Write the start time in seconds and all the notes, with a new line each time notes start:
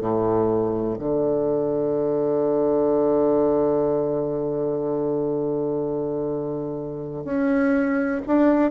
0.00 A2
0.98 D3
7.24 C#4
8.27 D4